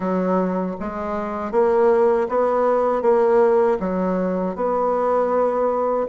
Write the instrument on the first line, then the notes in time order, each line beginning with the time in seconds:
bassoon
0.00 F#3
0.80 G#3
1.51 A#3
2.28 B3
3.01 A#3
3.79 F#3
4.55 B3